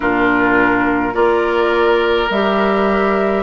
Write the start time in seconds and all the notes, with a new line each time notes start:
0.00 A#2 D4 F4 A#4
1.13 A#3 F4 A#4 D5
2.30 G3 G4 E5